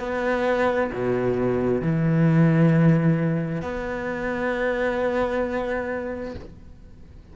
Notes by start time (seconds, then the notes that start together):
0.00 B3
0.93 B2
1.82 E3
3.62 B3